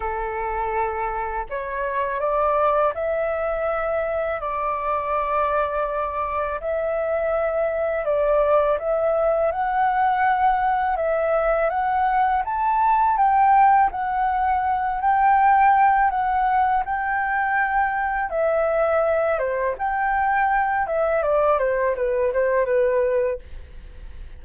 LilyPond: \new Staff \with { instrumentName = "flute" } { \time 4/4 \tempo 4 = 82 a'2 cis''4 d''4 | e''2 d''2~ | d''4 e''2 d''4 | e''4 fis''2 e''4 |
fis''4 a''4 g''4 fis''4~ | fis''8 g''4. fis''4 g''4~ | g''4 e''4. c''8 g''4~ | g''8 e''8 d''8 c''8 b'8 c''8 b'4 | }